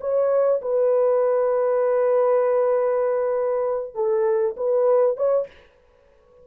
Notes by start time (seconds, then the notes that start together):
0.00 C#5
0.61 B4
3.94 A4
4.56 B4
5.17 C#5